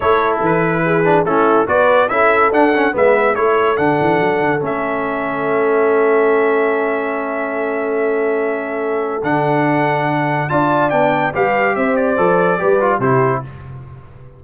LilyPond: <<
  \new Staff \with { instrumentName = "trumpet" } { \time 4/4 \tempo 4 = 143 cis''4 b'2 a'4 | d''4 e''4 fis''4 e''4 | cis''4 fis''2 e''4~ | e''1~ |
e''1~ | e''2 fis''2~ | fis''4 a''4 g''4 f''4 | e''8 d''2~ d''8 c''4 | }
  \new Staff \with { instrumentName = "horn" } { \time 4/4 a'2 gis'4 e'4 | b'4 a'2 b'4 | a'1~ | a'1~ |
a'1~ | a'1~ | a'4 d''2 b'4 | c''2 b'4 g'4 | }
  \new Staff \with { instrumentName = "trombone" } { \time 4/4 e'2~ e'8 d'8 cis'4 | fis'4 e'4 d'8 cis'8 b4 | e'4 d'2 cis'4~ | cis'1~ |
cis'1~ | cis'2 d'2~ | d'4 f'4 d'4 g'4~ | g'4 a'4 g'8 f'8 e'4 | }
  \new Staff \with { instrumentName = "tuba" } { \time 4/4 a4 e2 a4 | b4 cis'4 d'4 gis4 | a4 d8 e8 fis8 d8 a4~ | a1~ |
a1~ | a2 d2~ | d4 d'4 b4 g4 | c'4 f4 g4 c4 | }
>>